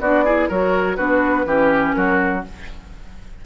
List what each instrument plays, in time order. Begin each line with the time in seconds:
0.00 bassoon B3, clarinet D4, oboe F#4, flute D5
0.25 clarinet E4, oboe G#4
0.49 bassoon F#3, clarinet F#4, oboe A#4, flute C#5
0.96 bassoon B3, clarinet D4, oboe F#4, flute B4
1.46 bassoon E3, clarinet C#4, oboe G4
1.93 bassoon F#3, oboe F#4, flute A#4